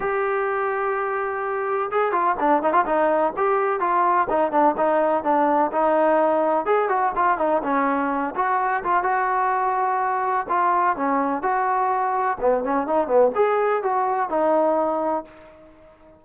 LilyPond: \new Staff \with { instrumentName = "trombone" } { \time 4/4 \tempo 4 = 126 g'1 | gis'8 f'8 d'8 dis'16 f'16 dis'4 g'4 | f'4 dis'8 d'8 dis'4 d'4 | dis'2 gis'8 fis'8 f'8 dis'8 |
cis'4. fis'4 f'8 fis'4~ | fis'2 f'4 cis'4 | fis'2 b8 cis'8 dis'8 b8 | gis'4 fis'4 dis'2 | }